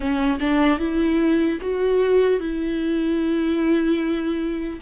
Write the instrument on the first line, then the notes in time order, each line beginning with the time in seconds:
viola
0.00 C#4
0.40 D4
0.78 E4
1.61 F#4
2.40 E4